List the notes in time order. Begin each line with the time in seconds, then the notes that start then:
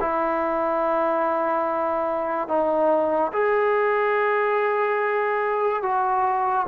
0.00 E4
2.48 D#4
3.33 G#4
5.83 F#4